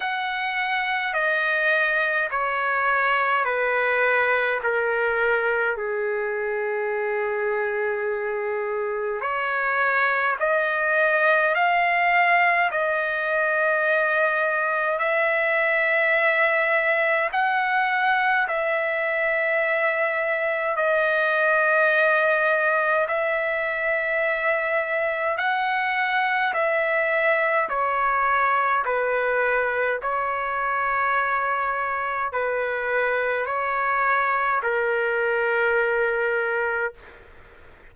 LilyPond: \new Staff \with { instrumentName = "trumpet" } { \time 4/4 \tempo 4 = 52 fis''4 dis''4 cis''4 b'4 | ais'4 gis'2. | cis''4 dis''4 f''4 dis''4~ | dis''4 e''2 fis''4 |
e''2 dis''2 | e''2 fis''4 e''4 | cis''4 b'4 cis''2 | b'4 cis''4 ais'2 | }